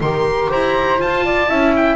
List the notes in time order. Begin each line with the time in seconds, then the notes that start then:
0.00 D#3 G4 A#4 C6
0.50 E4 C5 A#5
0.97 F4 A5
1.24 D5
1.48 C#4 E4 E5
1.76 G5